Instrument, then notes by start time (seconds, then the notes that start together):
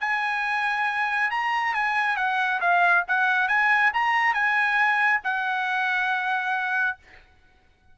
trumpet
0.00 G#5
1.31 A#5
1.74 G#5
2.17 F#5
2.61 F5
3.08 F#5
3.48 G#5
3.93 A#5
4.34 G#5
5.24 F#5